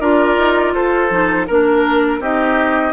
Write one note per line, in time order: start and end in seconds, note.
0.00 0.37 D4
0.00 1.09 F4
0.00 0.73 A#4
0.00 0.73 D5
0.38 0.74 D#4
0.74 1.10 F4
0.74 1.47 A4
0.74 1.47 C5
1.09 1.47 F3
1.09 1.46 D#4
1.47 2.19 A#3
1.47 2.21 D4
1.47 2.20 A#4
1.47 2.22 A#4
2.19 2.92 C4
2.19 2.93 D#4
2.19 2.93 G4
2.19 2.93 D#5